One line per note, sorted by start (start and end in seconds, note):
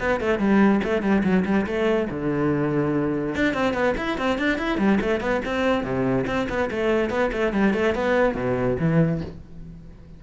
0.00 0.21 B3
0.21 0.39 A3
0.39 0.81 G3
0.84 1.02 A3
1.02 1.23 G3
1.24 1.45 F#3
1.46 1.67 G3
1.67 2.09 A3
2.11 3.36 D3
3.36 3.54 D4
3.54 3.74 C4
3.74 3.95 B3
3.98 4.18 E4
4.18 4.39 C4
4.39 4.58 D4
4.58 4.78 E4
4.78 4.99 G3
5.01 5.21 A3
5.21 5.42 B3
5.45 5.84 C4
5.84 6.26 C3
6.27 6.48 C4
6.50 6.71 B3
6.71 7.10 A3
7.10 7.31 B3
7.33 7.53 A3
7.53 7.74 G3
7.74 7.95 A3
7.95 8.35 B3
8.35 8.77 B2
8.80 9.22 E3